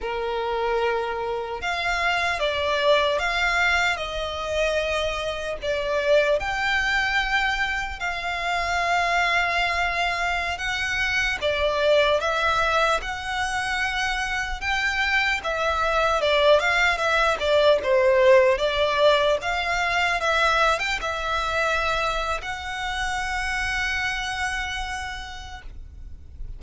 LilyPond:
\new Staff \with { instrumentName = "violin" } { \time 4/4 \tempo 4 = 75 ais'2 f''4 d''4 | f''4 dis''2 d''4 | g''2 f''2~ | f''4~ f''16 fis''4 d''4 e''8.~ |
e''16 fis''2 g''4 e''8.~ | e''16 d''8 f''8 e''8 d''8 c''4 d''8.~ | d''16 f''4 e''8. g''16 e''4.~ e''16 | fis''1 | }